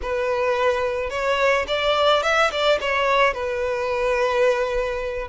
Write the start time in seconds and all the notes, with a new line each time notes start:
0.02 B4
1.10 C#5
1.67 D5
2.22 E5
2.51 D5
2.80 C#5
3.33 B4